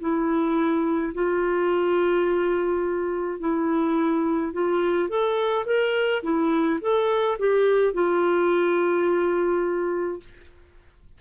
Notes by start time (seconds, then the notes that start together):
0.00 E4
1.14 F4
3.40 E4
4.53 F4
5.08 A4
5.66 A#4
6.23 E4
6.81 A4
7.38 G4
7.93 F4